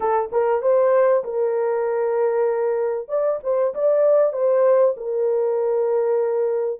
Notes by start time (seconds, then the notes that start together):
0.00 A4
0.31 A#4
0.62 C5
1.23 A#4
3.08 D5
3.43 C5
3.74 D5
4.32 C5
4.96 A#4